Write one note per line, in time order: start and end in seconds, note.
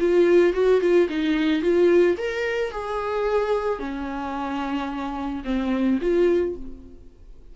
0.00 0.54 F4
0.54 0.81 F#4
0.81 1.08 F4
1.09 1.62 D#4
1.62 2.17 F4
2.18 2.71 A#4
2.71 3.79 G#4
3.79 5.43 C#4
5.45 5.99 C4
6.01 6.56 F4